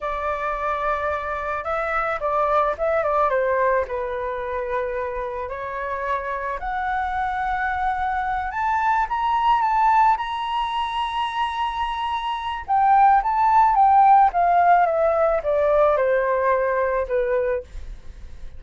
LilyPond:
\new Staff \with { instrumentName = "flute" } { \time 4/4 \tempo 4 = 109 d''2. e''4 | d''4 e''8 d''8 c''4 b'4~ | b'2 cis''2 | fis''2.~ fis''8 a''8~ |
a''8 ais''4 a''4 ais''4.~ | ais''2. g''4 | a''4 g''4 f''4 e''4 | d''4 c''2 b'4 | }